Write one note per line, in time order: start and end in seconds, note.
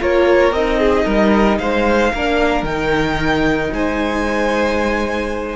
0.00 0.52 A#3
0.00 0.53 F4
0.00 0.80 A#4
0.00 0.53 C#5
0.52 1.05 C4
0.52 2.16 D#4
0.52 1.59 D#5
0.80 1.05 G#4
1.05 1.59 G3
1.05 1.58 A#4
1.59 2.13 G#3
1.59 2.13 C5
1.59 2.65 F5
2.13 2.63 A#3
2.13 2.67 D4
2.13 3.73 A#4
2.63 3.69 D#3
2.63 5.56 D#4
2.63 3.71 G5
3.73 5.56 G#3
3.73 5.56 C5
3.73 5.56 G#5